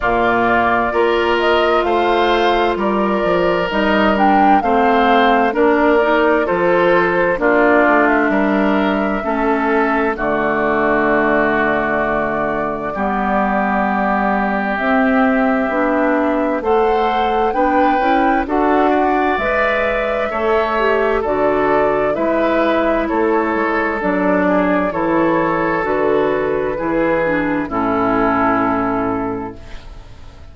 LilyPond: <<
  \new Staff \with { instrumentName = "flute" } { \time 4/4 \tempo 4 = 65 d''4. dis''8 f''4 d''4 | dis''8 g''8 f''4 d''4 c''4 | d''8. e''2~ e''16 d''4~ | d''1 |
e''2 fis''4 g''4 | fis''4 e''2 d''4 | e''4 cis''4 d''4 cis''4 | b'2 a'2 | }
  \new Staff \with { instrumentName = "oboe" } { \time 4/4 f'4 ais'4 c''4 ais'4~ | ais'4 c''4 ais'4 a'4 | f'4 ais'4 a'4 fis'4~ | fis'2 g'2~ |
g'2 c''4 b'4 | a'8 d''4. cis''4 a'4 | b'4 a'4. gis'8 a'4~ | a'4 gis'4 e'2 | }
  \new Staff \with { instrumentName = "clarinet" } { \time 4/4 ais4 f'2. | dis'8 d'8 c'4 d'8 dis'8 f'4 | d'2 cis'4 a4~ | a2 b2 |
c'4 d'4 a'4 d'8 e'8 | fis'4 b'4 a'8 g'8 fis'4 | e'2 d'4 e'4 | fis'4 e'8 d'8 cis'2 | }
  \new Staff \with { instrumentName = "bassoon" } { \time 4/4 ais,4 ais4 a4 g8 f8 | g4 a4 ais4 f4 | ais8 a8 g4 a4 d4~ | d2 g2 |
c'4 b4 a4 b8 cis'8 | d'4 gis4 a4 d4 | gis4 a8 gis8 fis4 e4 | d4 e4 a,2 | }
>>